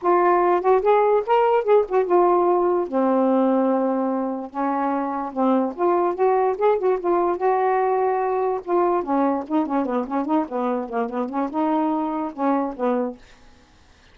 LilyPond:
\new Staff \with { instrumentName = "saxophone" } { \time 4/4 \tempo 4 = 146 f'4. fis'8 gis'4 ais'4 | gis'8 fis'8 f'2 c'4~ | c'2. cis'4~ | cis'4 c'4 f'4 fis'4 |
gis'8 fis'8 f'4 fis'2~ | fis'4 f'4 cis'4 dis'8 cis'8 | b8 cis'8 dis'8 b4 ais8 b8 cis'8 | dis'2 cis'4 b4 | }